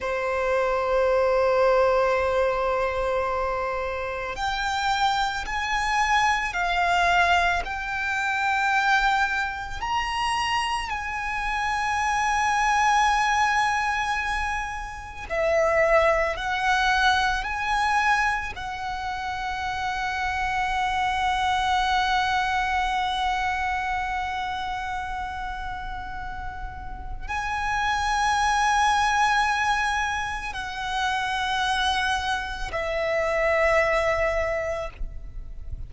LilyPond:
\new Staff \with { instrumentName = "violin" } { \time 4/4 \tempo 4 = 55 c''1 | g''4 gis''4 f''4 g''4~ | g''4 ais''4 gis''2~ | gis''2 e''4 fis''4 |
gis''4 fis''2.~ | fis''1~ | fis''4 gis''2. | fis''2 e''2 | }